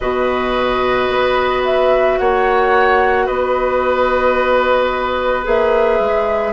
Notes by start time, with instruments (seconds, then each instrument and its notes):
0.00 bassoon B2, clarinet F#4, oboe B4, flute D#5
1.08 bassoon B3
1.64 flute E5
2.18 bassoon A#3, oboe C#5, flute F#5
3.25 bassoon B3, oboe B4, flute D#5
5.44 bassoon A#3, clarinet G#4, flute E5
5.99 bassoon G#3